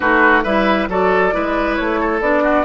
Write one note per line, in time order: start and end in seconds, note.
0.00 0.44 A3
0.00 0.44 D#4
0.00 0.43 F#4
0.00 0.43 B4
0.43 0.88 G3
0.43 0.89 E4
0.43 0.87 B4
0.43 0.88 E5
0.88 1.32 F#3
0.88 1.31 F#4
0.88 1.34 A4
0.88 1.75 D5
1.31 1.79 G#3
1.31 2.20 E4
1.31 2.00 B4
1.75 2.21 A3
1.75 2.20 C#5
2.00 2.43 A4
2.21 2.65 B3
2.21 2.65 D4
2.21 2.65 D5
2.43 2.65 F#4